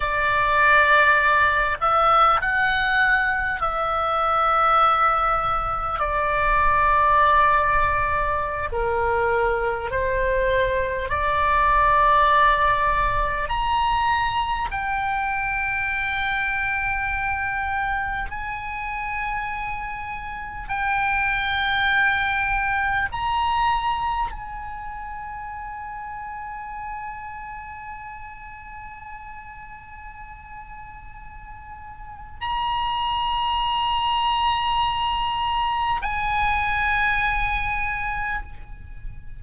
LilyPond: \new Staff \with { instrumentName = "oboe" } { \time 4/4 \tempo 4 = 50 d''4. e''8 fis''4 e''4~ | e''4 d''2~ d''16 ais'8.~ | ais'16 c''4 d''2 ais''8.~ | ais''16 g''2. gis''8.~ |
gis''4~ gis''16 g''2 ais''8.~ | ais''16 gis''2.~ gis''8.~ | gis''2. ais''4~ | ais''2 gis''2 | }